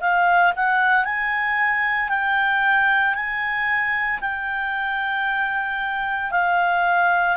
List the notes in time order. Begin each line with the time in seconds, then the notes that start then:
0.00 F5
0.56 F#5
1.05 G#5
2.09 G5
3.14 G#5
4.21 G5
6.31 F5